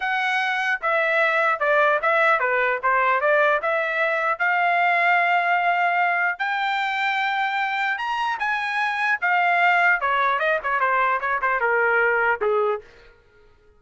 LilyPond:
\new Staff \with { instrumentName = "trumpet" } { \time 4/4 \tempo 4 = 150 fis''2 e''2 | d''4 e''4 b'4 c''4 | d''4 e''2 f''4~ | f''1 |
g''1 | ais''4 gis''2 f''4~ | f''4 cis''4 dis''8 cis''8 c''4 | cis''8 c''8 ais'2 gis'4 | }